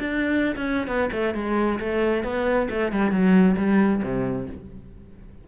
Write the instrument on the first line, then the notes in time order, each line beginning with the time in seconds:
cello
0.00 D4
0.57 C#4
0.88 B3
1.13 A3
1.35 G#3
1.80 A3
2.24 B3
2.70 A3
2.92 G3
3.12 F#3
3.58 G3
4.03 C3